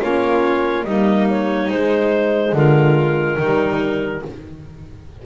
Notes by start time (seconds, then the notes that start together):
0.00 A#3 C#4 F4 C#5
0.84 G3 A#3 D#4 D#5
1.30 C#5
1.69 G#3 C5
2.52 D3 F4 A#4
3.37 D#3 G3 D#4